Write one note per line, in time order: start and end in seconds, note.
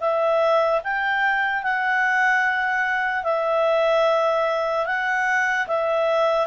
0.00 0.81 E5
0.83 1.63 G5
1.63 3.24 F#5
3.24 4.86 E5
4.86 5.67 F#5
5.67 6.47 E5